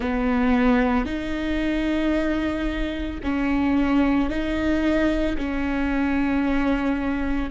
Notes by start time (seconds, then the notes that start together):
0.00 B3
1.05 D#4
3.23 C#4
4.29 D#4
5.37 C#4